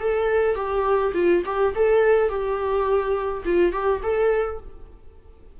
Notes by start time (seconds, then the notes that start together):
0.00 A4
0.55 G4
1.14 F4
1.46 G4
1.75 A4
2.29 G4
3.45 F4
3.72 G4
4.03 A4